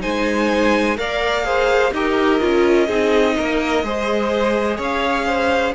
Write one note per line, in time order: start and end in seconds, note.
0.00 0.98 G#3
0.00 0.95 D#4
0.00 0.96 C5
0.00 0.97 G#5
0.96 1.92 A#3
0.96 1.44 A#4
0.96 1.45 D5
0.96 1.93 F5
1.44 1.92 G#4
1.44 1.93 C5
1.92 2.39 D#4
1.92 2.40 G4
1.92 2.87 A#4
1.92 4.80 D#5
2.40 2.89 C#4
2.40 2.87 F4
2.87 3.36 C4
2.87 3.84 D#4
2.87 3.35 G#4
3.37 3.83 A#3
3.37 3.85 A#4
3.83 4.78 G#3
3.83 5.74 G#4
3.83 4.77 C5
4.77 5.73 C#4
4.77 5.25 C#5
4.77 5.74 F5
5.26 5.74 C5